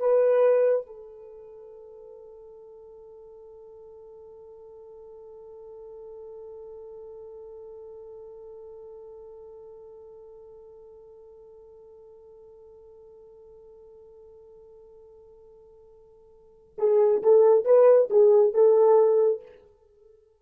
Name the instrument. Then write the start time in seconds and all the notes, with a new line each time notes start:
horn
0.00 B4
0.87 A4
16.78 G#4
17.23 A4
17.66 B4
18.10 G#4
18.54 A4